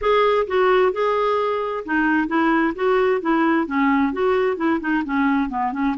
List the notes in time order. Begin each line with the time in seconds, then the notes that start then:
0.01 G#4
0.47 F#4
0.92 G#4
1.85 D#4
2.27 E4
2.75 F#4
3.21 E4
3.66 C#4
4.12 F#4
4.57 E4
4.80 D#4
5.05 C#4
5.49 B3
5.72 C#4